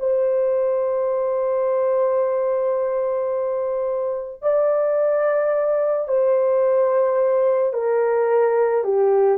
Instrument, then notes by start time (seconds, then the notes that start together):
horn
0.00 C5
4.42 D5
6.08 C5
7.73 A#4
8.84 G4